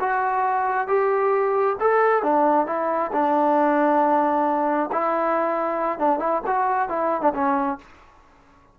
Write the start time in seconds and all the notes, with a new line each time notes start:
0.00 F#4
0.87 G4
1.80 A4
2.23 D4
2.66 E4
3.12 D4
4.92 E4
5.99 D4
6.19 E4
6.46 F#4
6.89 E4
7.22 D4
7.34 C#4